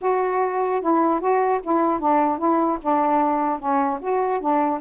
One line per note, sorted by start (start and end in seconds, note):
0.01 0.81 F#4
0.81 1.20 E4
1.20 1.60 F#4
1.63 1.99 E4
1.99 2.38 D4
2.38 2.78 E4
2.81 3.59 D4
3.59 3.99 C#4
4.00 4.40 F#4
4.40 4.80 D4